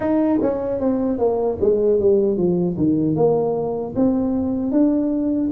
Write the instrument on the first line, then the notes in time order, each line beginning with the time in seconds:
tuba
0.00 D#4
0.42 C#4
0.79 C4
1.18 A#3
1.60 G#3
1.99 G3
2.37 F3
2.77 D#3
3.15 A#3
3.95 C4
4.71 D4